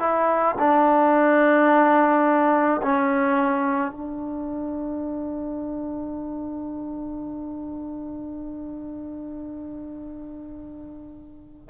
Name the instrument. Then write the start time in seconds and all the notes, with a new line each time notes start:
trombone
0.00 E4
0.59 D4
2.83 C#4
3.92 D4